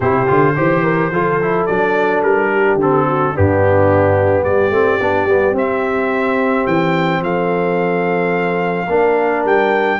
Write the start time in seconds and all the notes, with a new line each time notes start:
0.00 C3 E4 G4 C5
0.27 D3 F4
0.55 E3 G4 C5
0.83 A#4
1.11 F3 F4 A4
1.42 E4
1.66 F#3 D4 D5
2.22 G3 A#4
2.51 G4
2.75 D3 C4
2.81 A4
3.06 F#4
3.33 G2 B3 D4 G4
4.44 G3 G4 D5
4.70 A3 C4
5.00 B3 D4
5.25 G3 B3
5.51 C4
5.57 E5
6.66 E3 G5
7.21 F3 A4 F5
8.87 A#3 D4 A#4
9.44 G3 G5